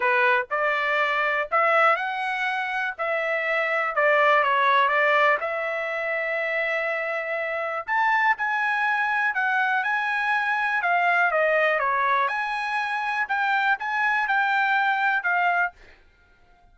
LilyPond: \new Staff \with { instrumentName = "trumpet" } { \time 4/4 \tempo 4 = 122 b'4 d''2 e''4 | fis''2 e''2 | d''4 cis''4 d''4 e''4~ | e''1 |
a''4 gis''2 fis''4 | gis''2 f''4 dis''4 | cis''4 gis''2 g''4 | gis''4 g''2 f''4 | }